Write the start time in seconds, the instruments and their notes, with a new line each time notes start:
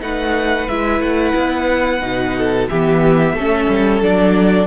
0.00 cello A3, viola D#4, violin B4 F#5
0.69 cello G#3, viola E4, violin E5
1.00 cello A3, violin F#5
1.35 cello B3
2.00 cello B2, viola D#4
2.38 violin A4
2.69 cello E3, viola B3, violin G4 E5
3.33 cello A3, viola C#4, violin A4
3.69 cello G3
4.01 cello F#3, viola D4, violin D5